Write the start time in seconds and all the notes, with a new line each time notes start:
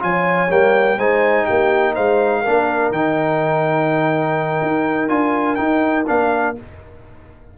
0.00 F3 F4 C#5 G#5
0.50 G3 A#3 G5
0.97 G#3 D#4 C5 G#5
1.45 A#3 G4 G5
1.94 G#3 C5 F5
2.42 A#3 D4 A#4
2.92 D#3 D#4 G5
4.62 D#4
5.09 D4 F4 G#5
5.56 D#4 G5
6.07 A#3 D4 F5